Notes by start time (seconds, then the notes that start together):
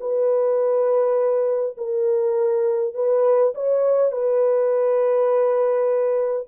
0.00 B4
1.77 A#4
2.94 B4
3.54 C#5
4.11 B4